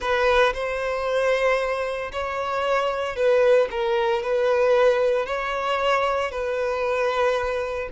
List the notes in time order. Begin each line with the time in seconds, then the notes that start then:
0.00 B4
0.53 C5
2.11 C#5
3.16 B4
3.70 A#4
4.22 B4
5.26 C#5
6.31 B4